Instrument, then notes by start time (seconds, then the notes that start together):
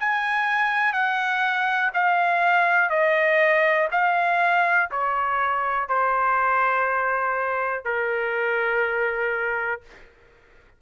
trumpet
0.00 G#5
0.93 F#5
1.94 F5
2.90 D#5
3.92 F5
4.91 C#5
5.88 C5
7.84 A#4